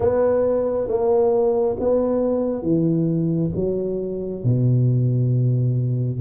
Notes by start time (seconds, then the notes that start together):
0.00 B3
0.87 A#3
1.79 B3
2.62 E3
3.55 F#3
4.44 B2